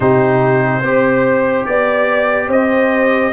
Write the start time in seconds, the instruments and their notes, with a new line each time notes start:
0.00 tuba C3, trombone D#4, horn G4, trumpet C5
0.82 tuba C4, trombone G4, horn C5
1.65 tuba B3, trumpet D5, horn D5
2.48 tuba C4, horn C5, trumpet D#5